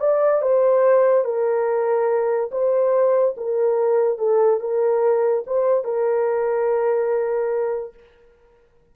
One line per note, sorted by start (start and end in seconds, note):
0.00 0.42 D5
0.42 1.25 C5
1.25 2.51 A#4
2.51 3.35 C5
3.37 4.18 A#4
4.18 4.60 A4
4.61 5.45 A#4
5.47 5.84 C5
5.84 7.94 A#4